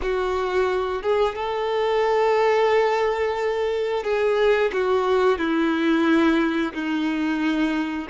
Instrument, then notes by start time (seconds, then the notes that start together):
violin
0.02 F#4
1.02 G#4
1.35 A4
4.03 G#4
4.73 F#4
5.38 E4
6.73 D#4